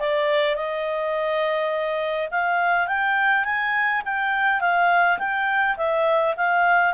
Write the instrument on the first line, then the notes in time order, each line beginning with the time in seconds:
clarinet
0.00 D5
0.56 D#5
2.31 F5
2.88 G5
3.45 G#5
4.05 G5
4.61 F5
5.18 G5
5.77 E5
6.37 F5